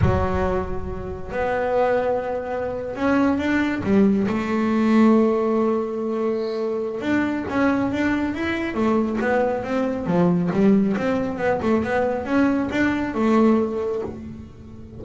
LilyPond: \new Staff \with { instrumentName = "double bass" } { \time 4/4 \tempo 4 = 137 fis2. b4~ | b2~ b8. cis'4 d'16~ | d'8. g4 a2~ a16~ | a1 |
d'4 cis'4 d'4 e'4 | a4 b4 c'4 f4 | g4 c'4 b8 a8 b4 | cis'4 d'4 a2 | }